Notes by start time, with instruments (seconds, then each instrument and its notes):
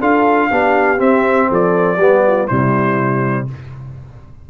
0.00 tuba D4, trombone F4, horn A4, trumpet F5
0.51 tuba B3, trombone D4, horn G4
0.98 trombone C4, tuba C4, trumpet E5
1.49 tuba F3, horn A4, trumpet D5
1.97 tuba G3, trombone B3, horn G4
2.27 horn F4
2.47 tuba C3, trombone G3, horn E4, trumpet C5